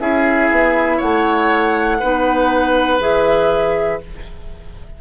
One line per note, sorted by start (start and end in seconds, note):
0.00 0.50 C#4
0.00 2.00 E4
0.00 0.97 G#4
0.00 1.00 E5
0.50 1.00 B3
0.97 2.02 A3
0.97 1.97 C#5
0.97 3.00 F#5
2.00 3.00 B3
2.00 3.00 D#4
2.00 4.00 B4
3.00 4.00 E3
3.00 4.00 G#4
3.00 4.01 E5